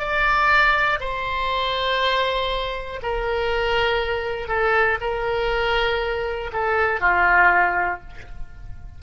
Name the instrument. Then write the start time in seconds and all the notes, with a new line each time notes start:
oboe
0.00 D5
1.01 C5
3.03 A#4
4.48 A4
5.01 A#4
6.53 A4
7.01 F4